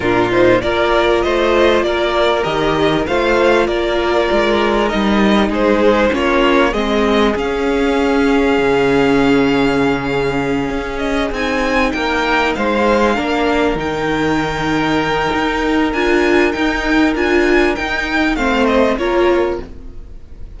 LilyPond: <<
  \new Staff \with { instrumentName = "violin" } { \time 4/4 \tempo 4 = 98 ais'8 c''8 d''4 dis''4 d''4 | dis''4 f''4 d''2 | dis''4 c''4 cis''4 dis''4 | f''1~ |
f''2 dis''8 gis''4 g''8~ | g''8 f''2 g''4.~ | g''2 gis''4 g''4 | gis''4 g''4 f''8 dis''8 cis''4 | }
  \new Staff \with { instrumentName = "violin" } { \time 4/4 f'4 ais'4 c''4 ais'4~ | ais'4 c''4 ais'2~ | ais'4 gis'4 f'4 gis'4~ | gis'1~ |
gis'2.~ gis'8 ais'8~ | ais'8 c''4 ais'2~ ais'8~ | ais'1~ | ais'2 c''4 ais'4 | }
  \new Staff \with { instrumentName = "viola" } { \time 4/4 d'8 dis'8 f'2. | g'4 f'2. | dis'2 cis'4 c'4 | cis'1~ |
cis'2~ cis'8 dis'4.~ | dis'4. d'4 dis'4.~ | dis'2 f'4 dis'4 | f'4 dis'4 c'4 f'4 | }
  \new Staff \with { instrumentName = "cello" } { \time 4/4 ais,4 ais4 a4 ais4 | dis4 a4 ais4 gis4 | g4 gis4 ais4 gis4 | cis'2 cis2~ |
cis4. cis'4 c'4 ais8~ | ais8 gis4 ais4 dis4.~ | dis4 dis'4 d'4 dis'4 | d'4 dis'4 a4 ais4 | }
>>